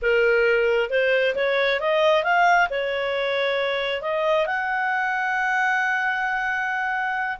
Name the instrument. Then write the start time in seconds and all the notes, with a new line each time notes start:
clarinet
0.02 A#4
0.90 C5
1.35 C#5
1.80 D#5
2.23 F5
2.70 C#5
4.01 D#5
4.46 F#5